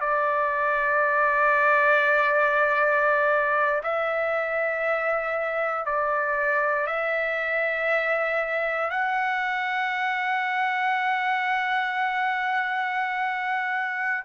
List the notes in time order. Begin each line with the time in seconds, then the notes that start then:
0.00 D5
3.83 E5
5.85 D5
6.86 E5
8.90 F#5